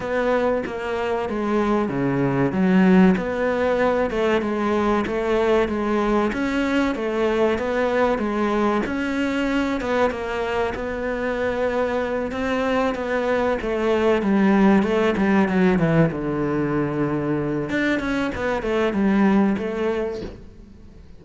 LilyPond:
\new Staff \with { instrumentName = "cello" } { \time 4/4 \tempo 4 = 95 b4 ais4 gis4 cis4 | fis4 b4. a8 gis4 | a4 gis4 cis'4 a4 | b4 gis4 cis'4. b8 |
ais4 b2~ b8 c'8~ | c'8 b4 a4 g4 a8 | g8 fis8 e8 d2~ d8 | d'8 cis'8 b8 a8 g4 a4 | }